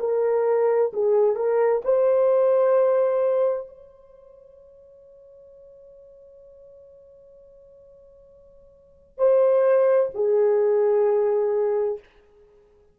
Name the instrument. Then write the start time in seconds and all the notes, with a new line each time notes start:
horn
0.00 A#4
0.93 G#4
1.36 A#4
1.84 C5
3.68 C#5
9.18 C5
10.15 G#4